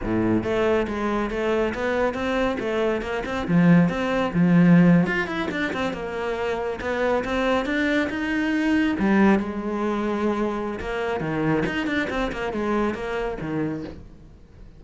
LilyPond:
\new Staff \with { instrumentName = "cello" } { \time 4/4 \tempo 4 = 139 a,4 a4 gis4 a4 | b4 c'4 a4 ais8 c'8 | f4 c'4 f4.~ f16 f'16~ | f'16 e'8 d'8 c'8 ais2 b16~ |
b8. c'4 d'4 dis'4~ dis'16~ | dis'8. g4 gis2~ gis16~ | gis4 ais4 dis4 dis'8 d'8 | c'8 ais8 gis4 ais4 dis4 | }